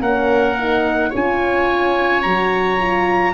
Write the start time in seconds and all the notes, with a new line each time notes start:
0.00 A#3 C#4 A#4 F#5
0.59 D#4
1.10 C#4 F4 C#5 G#5
2.23 F#3 F#4 A#5
2.79 F4